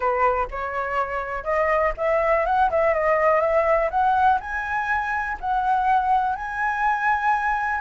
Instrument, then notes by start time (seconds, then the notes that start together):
flute
0.00 B4
0.50 C#5
1.44 D#5
1.97 E5
2.45 F#5
2.70 E5
2.94 D#5
3.41 E5
3.90 F#5
4.40 G#5
5.40 F#5
6.35 G#5